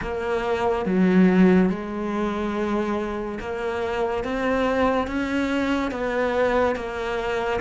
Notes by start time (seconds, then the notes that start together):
0.01 A#3
0.85 F#3
1.69 G#3
3.40 A#3
4.24 C4
5.07 C#4
5.91 B3
6.75 A#3